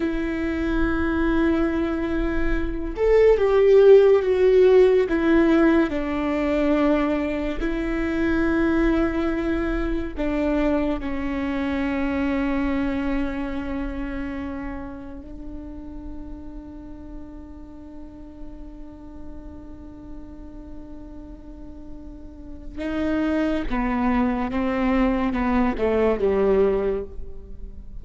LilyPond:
\new Staff \with { instrumentName = "viola" } { \time 4/4 \tempo 4 = 71 e'2.~ e'8 a'8 | g'4 fis'4 e'4 d'4~ | d'4 e'2. | d'4 cis'2.~ |
cis'2 d'2~ | d'1~ | d'2. dis'4 | b4 c'4 b8 a8 g4 | }